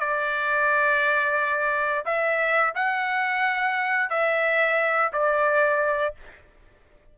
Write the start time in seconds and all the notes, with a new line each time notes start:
0.00 D5
2.05 E5
2.75 F#5
4.10 E5
5.13 D5